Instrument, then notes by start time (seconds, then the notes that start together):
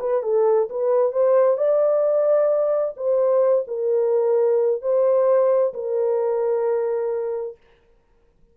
horn
0.00 B4
0.23 A4
0.70 B4
1.13 C5
1.58 D5
2.97 C5
3.68 A#4
4.82 C5
5.74 A#4